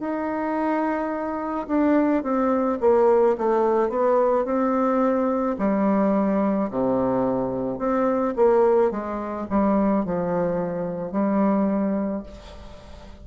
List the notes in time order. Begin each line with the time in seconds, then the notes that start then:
0.00 D#4
1.68 D4
2.23 C4
2.81 A#3
3.38 A3
3.90 B3
4.45 C4
5.59 G3
6.71 C3
7.79 C4
8.36 A#3
8.91 G#3
9.50 G3
10.05 F3
11.12 G3